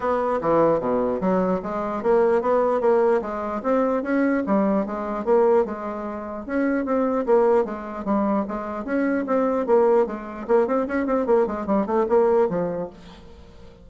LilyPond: \new Staff \with { instrumentName = "bassoon" } { \time 4/4 \tempo 4 = 149 b4 e4 b,4 fis4 | gis4 ais4 b4 ais4 | gis4 c'4 cis'4 g4 | gis4 ais4 gis2 |
cis'4 c'4 ais4 gis4 | g4 gis4 cis'4 c'4 | ais4 gis4 ais8 c'8 cis'8 c'8 | ais8 gis8 g8 a8 ais4 f4 | }